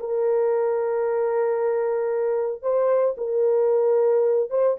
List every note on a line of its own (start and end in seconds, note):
0.00 2.63 A#4
2.63 3.16 C5
3.18 4.51 A#4
4.51 4.77 C5